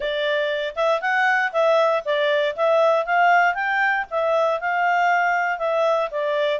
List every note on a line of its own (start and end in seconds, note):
0.00 0.74 D5
0.75 1.01 E5
1.01 1.51 F#5
1.52 2.03 E5
2.05 2.55 D5
2.56 3.05 E5
3.05 3.54 F5
3.54 4.05 G5
4.10 4.60 E5
4.60 5.58 F5
5.58 6.09 E5
6.10 6.60 D5